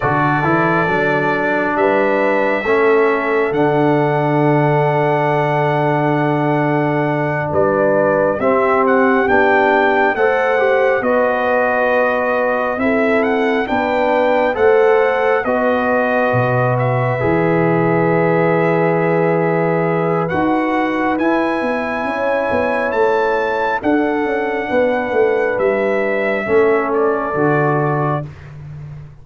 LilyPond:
<<
  \new Staff \with { instrumentName = "trumpet" } { \time 4/4 \tempo 4 = 68 d''2 e''2 | fis''1~ | fis''8 d''4 e''8 fis''8 g''4 fis''8~ | fis''8 dis''2 e''8 fis''8 g''8~ |
g''8 fis''4 dis''4. e''4~ | e''2. fis''4 | gis''2 a''4 fis''4~ | fis''4 e''4. d''4. | }
  \new Staff \with { instrumentName = "horn" } { \time 4/4 a'2 b'4 a'4~ | a'1~ | a'8 b'4 g'2 c''8~ | c''8 b'2 a'4 b'8~ |
b'8 c''4 b'2~ b'8~ | b'1~ | b'4 cis''2 a'4 | b'2 a'2 | }
  \new Staff \with { instrumentName = "trombone" } { \time 4/4 fis'8 e'8 d'2 cis'4 | d'1~ | d'4. c'4 d'4 a'8 | g'8 fis'2 e'4 d'8~ |
d'8 a'4 fis'2 gis'8~ | gis'2. fis'4 | e'2. d'4~ | d'2 cis'4 fis'4 | }
  \new Staff \with { instrumentName = "tuba" } { \time 4/4 d8 e8 fis4 g4 a4 | d1~ | d8 g4 c'4 b4 a8~ | a8 b2 c'4 b8~ |
b8 a4 b4 b,4 e8~ | e2. dis'4 | e'8 b8 cis'8 b8 a4 d'8 cis'8 | b8 a8 g4 a4 d4 | }
>>